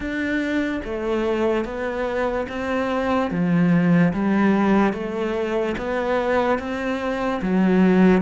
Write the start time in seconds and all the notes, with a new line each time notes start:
0.00 D4
0.84 A3
1.64 B3
2.48 C4
3.30 F3
4.13 G3
4.93 A3
5.77 B3
6.58 C4
7.42 F#3